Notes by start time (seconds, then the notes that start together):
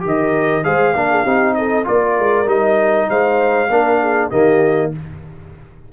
0.00 D#3 G4 A#4
0.07 D#5
0.64 G#3 G#4 C5 F5
0.93 A#3 D4 A#4
1.10 G#4
1.23 C4 D#4 G4
1.54 A4 D#5
1.84 A#3 F4 A#4 D5
2.19 G#3
2.46 G3 D#4 D#5
3.09 G#3 C5 F5
3.69 A#3 D4 A#4
4.01 G#4
4.29 D#3 A#3 G4 D#5